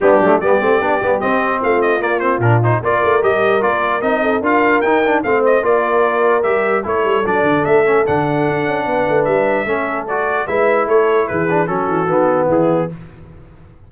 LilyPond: <<
  \new Staff \with { instrumentName = "trumpet" } { \time 4/4 \tempo 4 = 149 g'4 d''2 dis''4 | f''8 dis''8 d''8 c''8 ais'8 c''8 d''4 | dis''4 d''4 dis''4 f''4 | g''4 f''8 dis''8 d''2 |
e''4 cis''4 d''4 e''4 | fis''2. e''4~ | e''4 d''4 e''4 cis''4 | b'4 a'2 gis'4 | }
  \new Staff \with { instrumentName = "horn" } { \time 4/4 d'4 g'2. | f'2. ais'4~ | ais'2~ ais'8 a'8 ais'4~ | ais'4 c''4 ais'2~ |
ais'4 a'2.~ | a'2 b'2 | a'2 b'4 a'4 | gis'4 fis'2 e'4 | }
  \new Staff \with { instrumentName = "trombone" } { \time 4/4 b8 a8 b8 c'8 d'8 b8 c'4~ | c'4 ais8 c'8 d'8 dis'8 f'4 | g'4 f'4 dis'4 f'4 | dis'8 d'8 c'4 f'2 |
g'4 e'4 d'4. cis'8 | d'1 | cis'4 fis'4 e'2~ | e'8 d'8 cis'4 b2 | }
  \new Staff \with { instrumentName = "tuba" } { \time 4/4 g8 fis8 g8 a8 b8 g8 c'4 | a4 ais4 ais,4 ais8 a8 | g4 ais4 c'4 d'4 | dis'4 a4 ais2 |
g4 a8 g8 fis8 d8 a4 | d4 d'8 cis'8 b8 a8 g4 | a2 gis4 a4 | e4 fis8 e8 dis4 e4 | }
>>